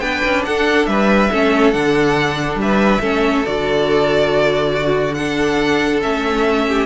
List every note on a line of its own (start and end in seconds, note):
0.00 0.22 B3
0.00 1.30 D4
0.00 0.47 B4
0.00 0.43 G5
0.25 0.47 C#4
0.45 0.87 D4
0.45 0.90 A4
0.45 0.87 F#5
0.87 1.30 G3
0.87 1.32 B4
0.87 1.72 E5
1.32 1.74 A3
1.32 1.73 C#4
1.32 2.60 A4
1.72 2.56 D3
1.72 3.02 D4
1.72 2.58 F#5
2.56 2.99 G3
2.62 3.02 B4
2.62 3.47 E5
3.01 3.44 A3
3.01 3.45 C#4
3.01 4.73 A4
3.46 6.04 D3
3.46 5.18 F#4
3.46 5.15 D5
4.74 5.16 F#4
5.15 6.02 D4
5.15 6.67 A4
5.15 6.00 F#5
6.02 6.86 A3
6.02 6.86 C#4
6.02 6.86 E5
6.68 6.86 G4